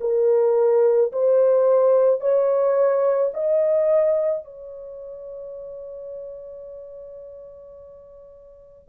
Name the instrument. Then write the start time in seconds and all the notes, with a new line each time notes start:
horn
0.00 A#4
1.12 C5
2.20 C#5
3.33 D#5
4.44 C#5